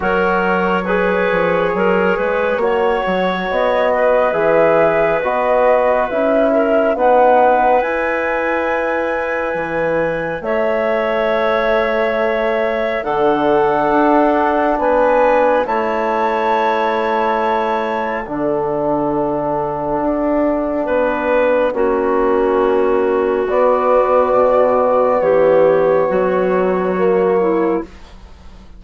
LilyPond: <<
  \new Staff \with { instrumentName = "flute" } { \time 4/4 \tempo 4 = 69 cis''1 | dis''4 e''4 dis''4 e''4 | fis''4 gis''2. | e''2. fis''4~ |
fis''4 gis''4 a''2~ | a''4 fis''2.~ | fis''2. d''4~ | d''4 cis''2. | }
  \new Staff \with { instrumentName = "clarinet" } { \time 4/4 ais'4 b'4 ais'8 b'8 cis''4~ | cis''8 b'2. ais'8 | b'1 | cis''2. a'4~ |
a'4 b'4 cis''2~ | cis''4 a'2. | b'4 fis'2.~ | fis'4 g'4 fis'4. e'8 | }
  \new Staff \with { instrumentName = "trombone" } { \time 4/4 fis'4 gis'2 fis'4~ | fis'4 gis'4 fis'4 e'4 | dis'4 e'2.~ | e'2. d'4~ |
d'2 e'2~ | e'4 d'2.~ | d'4 cis'2 b4~ | b2. ais4 | }
  \new Staff \with { instrumentName = "bassoon" } { \time 4/4 fis4. f8 fis8 gis8 ais8 fis8 | b4 e4 b4 cis'4 | b4 e'2 e4 | a2. d4 |
d'4 b4 a2~ | a4 d2 d'4 | b4 ais2 b4 | b,4 e4 fis2 | }
>>